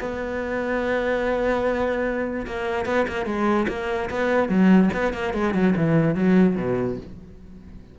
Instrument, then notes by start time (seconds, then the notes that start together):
cello
0.00 B3
2.47 A#3
2.86 B3
3.08 A#3
3.26 G#3
3.69 A#3
4.10 B3
4.49 F#3
4.94 B3
5.14 A#3
5.34 G#3
5.54 F#3
5.77 E3
6.15 F#3
6.57 B2